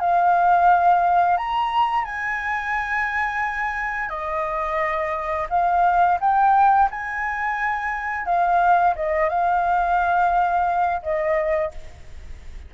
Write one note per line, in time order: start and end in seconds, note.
0.00 1.37 F5
1.37 2.05 A#5
2.05 4.09 G#5
4.09 5.47 D#5
5.50 6.18 F5
6.20 6.89 G5
6.91 8.25 G#5
8.25 8.94 F5
8.96 9.29 D#5
9.29 11.02 F5
11.02 11.71 D#5